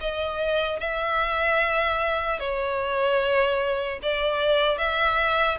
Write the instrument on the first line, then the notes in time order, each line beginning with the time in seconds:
violin
0.00 D#5
0.79 E5
2.39 C#5
4.02 D5
4.77 E5